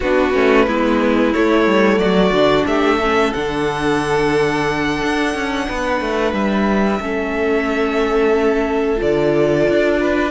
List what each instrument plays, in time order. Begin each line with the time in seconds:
0.00 cello B3, viola D4, violin F#4 B4
0.33 cello A3, viola C#4
0.67 cello G#3, viola B3, violin E4
1.33 viola A3, cello A3, violin C#5
1.66 cello G3
1.97 cello F#3, violin F#4 D5
2.31 cello D3, viola D4
2.66 cello A3, violin G4 E5
2.98 viola C#4, violin A4
3.33 cello D3, viola D4, violin F#5
5.02 cello D4
5.34 cello C#4
5.68 cello B3, violin B4
6.00 cello A3
6.32 cello G3, violin E5
7.00 cello A3, viola C#4, violin A4
8.96 cello D3, viola F4, violin D5
9.68 cello D4
9.99 violin B4